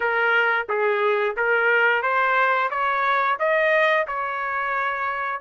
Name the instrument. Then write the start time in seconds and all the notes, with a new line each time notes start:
trumpet
0.00 A#4
0.68 G#4
1.36 A#4
2.02 C5
2.70 C#5
3.39 D#5
4.07 C#5